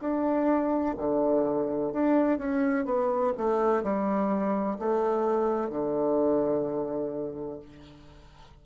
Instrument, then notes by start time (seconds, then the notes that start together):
bassoon
0.00 D4
0.98 D3
1.93 D4
2.39 C#4
2.85 B3
3.38 A3
3.83 G3
4.79 A3
5.70 D3